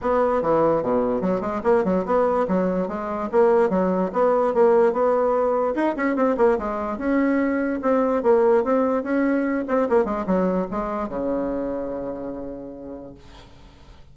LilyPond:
\new Staff \with { instrumentName = "bassoon" } { \time 4/4 \tempo 4 = 146 b4 e4 b,4 fis8 gis8 | ais8 fis8 b4 fis4 gis4 | ais4 fis4 b4 ais4 | b2 dis'8 cis'8 c'8 ais8 |
gis4 cis'2 c'4 | ais4 c'4 cis'4. c'8 | ais8 gis8 fis4 gis4 cis4~ | cis1 | }